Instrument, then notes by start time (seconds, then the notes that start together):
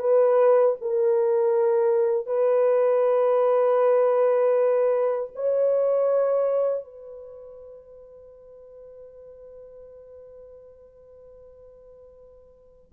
horn
0.00 B4
0.81 A#4
2.26 B4
5.36 C#5
6.84 B4